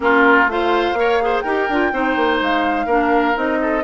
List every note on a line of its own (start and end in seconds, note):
0.00 0.47 A#3
0.00 0.47 C#4
0.00 0.50 F4
0.00 0.49 A#4
0.47 0.93 A3
0.47 0.96 F4
0.47 0.98 C5
0.47 1.40 F5
0.93 1.41 A#3
0.93 1.20 A#4
0.93 1.22 C#5
1.21 1.45 G#4
1.21 1.43 C5
1.40 1.68 D#4
1.40 1.69 G4
1.40 1.91 A#4
1.40 2.36 G5
1.68 1.92 D4
1.68 1.92 F4
1.92 2.16 C4
1.92 2.88 D#4
1.92 2.86 C5
2.16 2.40 A#3
2.41 2.86 G#3
2.41 3.38 F5
2.86 3.34 A#3
2.86 3.34 D4
2.86 3.58 A#4
3.34 3.83 C4
3.34 3.82 D#4
3.34 3.83 D#5
3.61 3.83 A4